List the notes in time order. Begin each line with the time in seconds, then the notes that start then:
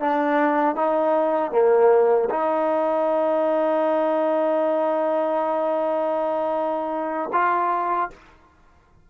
0.00 D4
0.76 D#4
1.52 A#3
2.30 D#4
7.33 F4